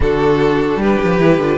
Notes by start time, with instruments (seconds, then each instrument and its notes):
0.00 cello D3, viola D4, violin F#4 A4
0.76 cello G3, violin G4 B4
1.03 cello F3
1.18 cello E3, viola E4
1.38 cello D3, viola F4